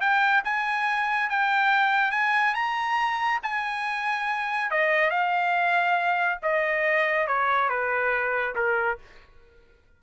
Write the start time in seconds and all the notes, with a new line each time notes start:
0.00 G5
0.44 G#5
1.30 G5
2.11 G#5
2.54 A#5
3.43 G#5
4.71 D#5
5.10 F5
6.42 D#5
7.27 C#5
7.69 B4
8.55 A#4